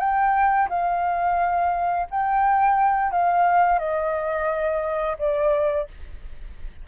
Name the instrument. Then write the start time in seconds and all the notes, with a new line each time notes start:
flute
0.00 G5
0.70 F5
2.11 G5
3.12 F5
3.79 D#5
5.19 D5